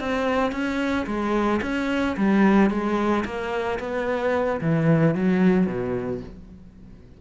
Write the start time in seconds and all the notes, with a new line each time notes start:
0.00 C4
0.52 C#4
1.07 G#3
1.62 C#4
2.17 G3
2.71 G#3
3.26 A#3
3.80 B3
4.62 E3
5.15 F#3
5.67 B2